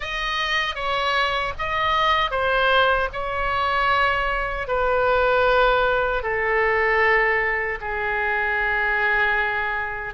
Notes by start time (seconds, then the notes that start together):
0.00 D#5
0.75 C#5
1.58 D#5
2.30 C5
3.12 C#5
4.67 B4
6.23 A4
7.80 G#4